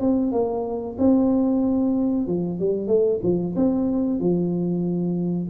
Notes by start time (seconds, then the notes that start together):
0.00 C4
0.32 A#3
0.98 C4
2.27 F3
2.59 G3
2.87 A3
3.23 F3
3.55 C4
4.19 F3